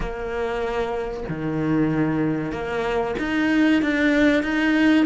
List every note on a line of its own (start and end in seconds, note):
0.00 1.23 A#3
1.28 2.52 D#3
2.52 3.15 A#3
3.18 3.82 D#4
3.82 4.42 D4
4.42 5.05 D#4